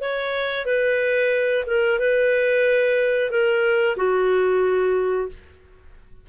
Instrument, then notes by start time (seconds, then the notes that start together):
clarinet
0.00 C#5
0.65 B4
1.66 A#4
1.99 B4
3.30 A#4
3.97 F#4